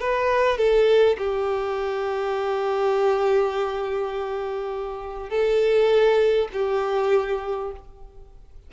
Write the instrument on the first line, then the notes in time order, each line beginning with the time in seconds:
violin
0.00 B4
0.58 A4
1.18 G4
5.30 A4
6.53 G4